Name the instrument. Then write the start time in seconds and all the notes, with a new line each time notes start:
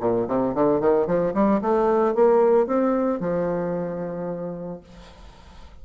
bassoon
0.00 A#2
0.28 C3
0.54 D3
0.80 D#3
1.06 F3
1.34 G3
1.61 A3
2.15 A#3
2.67 C4
3.19 F3